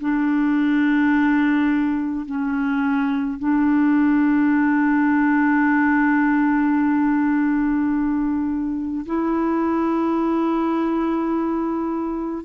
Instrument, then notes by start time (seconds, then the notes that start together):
clarinet
0.00 D4
2.26 C#4
3.39 D4
9.06 E4